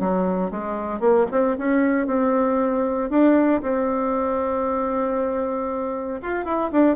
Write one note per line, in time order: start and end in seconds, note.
0.00 0.51 F#3
0.51 1.00 G#3
1.00 1.26 A#3
1.31 1.57 C4
1.58 2.07 C#4
2.07 3.10 C4
3.10 3.62 D4
3.62 6.21 C4
6.22 6.45 F4
6.45 6.71 E4
6.72 6.96 D4